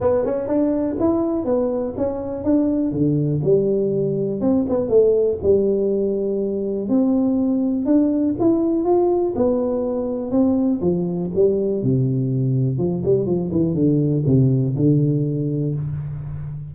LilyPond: \new Staff \with { instrumentName = "tuba" } { \time 4/4 \tempo 4 = 122 b8 cis'8 d'4 e'4 b4 | cis'4 d'4 d4 g4~ | g4 c'8 b8 a4 g4~ | g2 c'2 |
d'4 e'4 f'4 b4~ | b4 c'4 f4 g4 | c2 f8 g8 f8 e8 | d4 c4 d2 | }